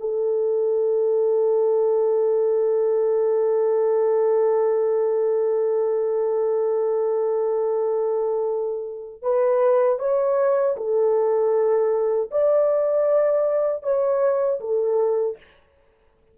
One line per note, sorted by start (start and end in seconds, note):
0.00 9.22 A4
9.22 9.99 B4
9.99 10.76 C#5
10.77 12.30 A4
12.31 13.83 D5
13.83 14.60 C#5
14.60 15.37 A4